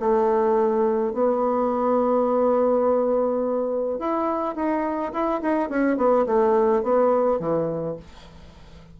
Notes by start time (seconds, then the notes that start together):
0.00 A3
1.14 B3
3.99 E4
4.55 D#4
5.13 E4
5.42 D#4
5.70 C#4
5.97 B3
6.26 A3
6.83 B3
7.40 E3